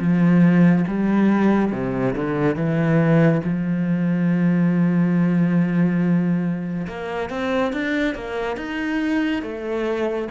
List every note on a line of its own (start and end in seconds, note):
0.00 0.86 F3
0.88 1.73 G3
1.73 2.15 C3
2.16 2.56 D3
2.56 3.42 E3
3.44 6.87 F3
6.88 7.30 A#3
7.30 7.73 C4
7.73 8.15 D4
8.15 8.58 A#3
8.58 9.43 D#4
9.43 10.29 A3